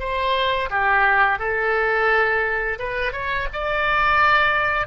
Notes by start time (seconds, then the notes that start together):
0.00 C5
0.70 G4
1.40 A4
2.79 B4
3.13 C#5
3.53 D5